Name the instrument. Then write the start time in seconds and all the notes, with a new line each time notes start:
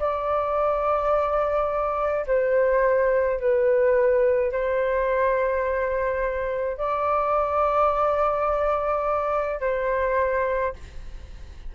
flute
0.00 D5
2.27 C5
3.40 B4
4.52 C5
6.78 D5
9.61 C5